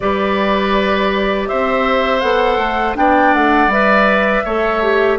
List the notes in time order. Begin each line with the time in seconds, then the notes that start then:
0.00 G3 G4 B4 D5
1.47 C4 C5 E5
2.20 B3 A4 F#5
2.57 A3
2.95 B3 D4 D5 G5
3.34 A3 F#5
3.67 G3 B4 E5
4.44 A3 A4 C#5
4.82 G4